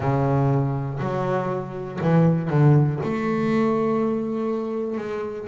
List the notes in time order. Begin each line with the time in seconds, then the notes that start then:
0.00 C#3
1.00 F#3
2.00 E3
2.50 D3
3.03 A3
4.97 G#3